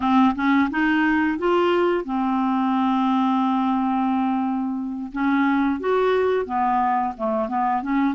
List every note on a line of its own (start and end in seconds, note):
0.00 0.34 C4
0.35 0.69 C#4
0.70 1.38 D#4
1.38 2.05 F4
2.05 5.11 C4
5.12 5.80 C#4
5.80 6.45 F#4
6.45 7.13 B3
7.17 7.48 A3
7.48 7.82 B3
7.82 8.14 C#4